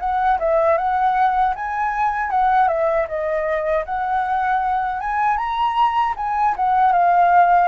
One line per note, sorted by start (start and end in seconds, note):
0.00 0.38 F#5
0.40 0.78 E5
0.78 1.55 F#5
1.56 2.31 G#5
2.31 2.69 F#5
2.69 3.07 E5
3.08 3.85 D#5
3.86 5.01 F#5
5.01 5.37 G#5
5.37 6.14 A#5
6.17 6.55 G#5
6.57 6.93 F#5
6.93 7.69 F5